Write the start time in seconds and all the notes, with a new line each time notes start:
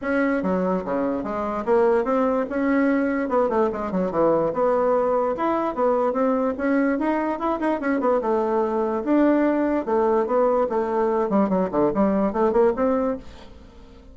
0.01 C#4
0.42 F#3
0.84 C#3
1.23 G#3
1.65 A#3
2.04 C4
2.49 C#4
3.29 B3
3.49 A3
3.72 G#3
3.91 F#3
4.11 E3
4.53 B3
5.36 E4
5.74 B3
6.12 C4
6.57 C#4
6.99 D#4
7.39 E4
7.59 D#4
7.80 C#4
8.00 B3
8.21 A3
9.04 D4
9.85 A3
10.26 B3
10.69 A3
11.29 G3
11.49 F#3
11.71 D3
11.93 G3
12.32 A3
12.52 A#3
12.76 C4